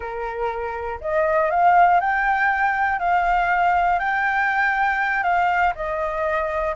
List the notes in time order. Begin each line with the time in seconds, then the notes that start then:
0.00 A#4
1.00 D#5
1.50 F5
2.00 G5
2.99 F5
3.99 G5
5.23 F5
5.75 D#5